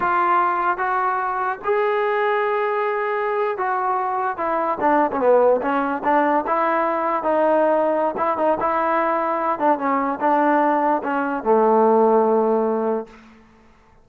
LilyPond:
\new Staff \with { instrumentName = "trombone" } { \time 4/4 \tempo 4 = 147 f'2 fis'2 | gis'1~ | gis'8. fis'2 e'4 d'16~ | d'8 cis'16 b4 cis'4 d'4 e'16~ |
e'4.~ e'16 dis'2~ dis'16 | e'8 dis'8 e'2~ e'8 d'8 | cis'4 d'2 cis'4 | a1 | }